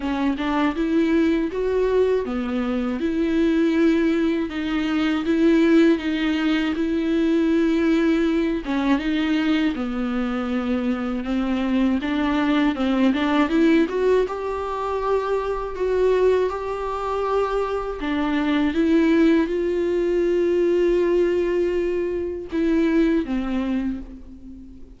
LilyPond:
\new Staff \with { instrumentName = "viola" } { \time 4/4 \tempo 4 = 80 cis'8 d'8 e'4 fis'4 b4 | e'2 dis'4 e'4 | dis'4 e'2~ e'8 cis'8 | dis'4 b2 c'4 |
d'4 c'8 d'8 e'8 fis'8 g'4~ | g'4 fis'4 g'2 | d'4 e'4 f'2~ | f'2 e'4 c'4 | }